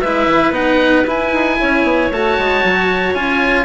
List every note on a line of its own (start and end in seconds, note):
0.00 0.27 G#3
0.00 0.53 E4
0.00 1.57 B4
0.00 0.52 E5
0.27 0.50 E3
0.50 1.02 B3
0.50 1.05 D#4
0.50 1.06 F#5
1.06 1.32 E4
1.06 2.11 E4
1.06 2.12 G#5
1.32 1.58 D#4
1.60 1.83 C#4
1.60 3.65 C#5
1.83 2.09 B3
2.11 2.37 A3
2.11 3.14 F#4
2.11 3.14 A5
2.38 2.64 G#3
2.64 3.14 F#3
3.14 3.65 C#4
3.14 3.65 F4
3.14 3.65 G#5